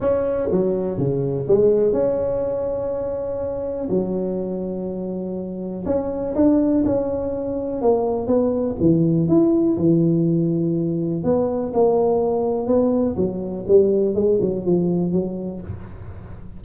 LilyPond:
\new Staff \with { instrumentName = "tuba" } { \time 4/4 \tempo 4 = 123 cis'4 fis4 cis4 gis4 | cis'1 | fis1 | cis'4 d'4 cis'2 |
ais4 b4 e4 e'4 | e2. b4 | ais2 b4 fis4 | g4 gis8 fis8 f4 fis4 | }